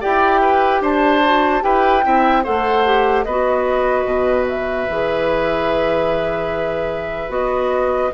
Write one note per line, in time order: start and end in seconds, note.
0.00 0.81 E4
0.00 1.22 G4
0.00 0.41 D5
0.00 0.82 G5
0.41 0.82 B4
0.81 1.62 D4
0.81 1.63 C5
0.81 1.63 A5
1.24 1.61 F#4
1.61 2.05 E4
1.61 2.01 G4
1.61 2.05 B4
1.61 2.44 G5
2.03 2.45 C4
2.03 2.43 E4
2.03 2.43 E5
2.43 3.26 A3
2.43 2.84 A4
2.43 3.24 C5
2.43 3.23 F#5
2.85 3.25 G4
3.23 4.05 B3
3.23 8.11 B4
3.23 4.45 D#5
3.30 4.88 F#4
4.05 4.86 B2
4.48 7.32 E5
4.88 7.29 E3
4.88 7.29 G#4
7.29 8.10 B3
7.29 8.10 F#4
7.29 8.13 D#5